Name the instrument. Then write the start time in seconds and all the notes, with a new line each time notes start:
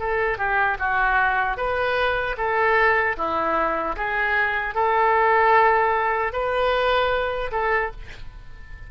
oboe
0.00 A4
0.38 G4
0.80 F#4
1.58 B4
2.38 A4
3.18 E4
3.97 G#4
4.75 A4
6.33 B4
7.52 A4